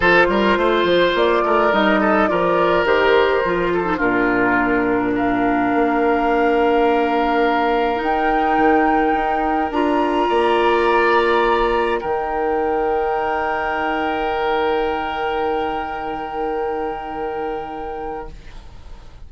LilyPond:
<<
  \new Staff \with { instrumentName = "flute" } { \time 4/4 \tempo 4 = 105 c''2 d''4 dis''4 | d''4 c''2 ais'4~ | ais'4 f''2.~ | f''2 g''2~ |
g''4 ais''2.~ | ais''4 g''2.~ | g''1~ | g''1 | }
  \new Staff \with { instrumentName = "oboe" } { \time 4/4 a'8 ais'8 c''4. ais'4 a'8 | ais'2~ ais'8 a'8 f'4~ | f'4 ais'2.~ | ais'1~ |
ais'2 d''2~ | d''4 ais'2.~ | ais'1~ | ais'1 | }
  \new Staff \with { instrumentName = "clarinet" } { \time 4/4 f'2. dis'4 | f'4 g'4 f'8. dis'16 d'4~ | d'1~ | d'2 dis'2~ |
dis'4 f'2.~ | f'4 dis'2.~ | dis'1~ | dis'1 | }
  \new Staff \with { instrumentName = "bassoon" } { \time 4/4 f8 g8 a8 f8 ais8 a8 g4 | f4 dis4 f4 ais,4~ | ais,2 ais2~ | ais2 dis'4 dis4 |
dis'4 d'4 ais2~ | ais4 dis2.~ | dis1~ | dis1 | }
>>